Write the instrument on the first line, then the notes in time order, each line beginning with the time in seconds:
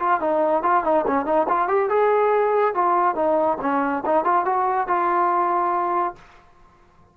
trombone
0.00 F4
0.21 D#4
0.63 F4
0.84 D#4
1.07 C#4
1.26 D#4
1.49 F4
1.68 G4
1.90 G#4
2.75 F4
3.16 D#4
3.61 C#4
4.06 D#4
4.25 F4
4.45 F#4
4.88 F4